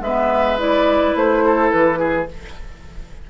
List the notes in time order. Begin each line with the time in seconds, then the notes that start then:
0.00 G#3 B3 B4 E5
0.58 E4 D5
1.15 A3 C5
1.45 A4
1.71 E3 B4
1.99 G#4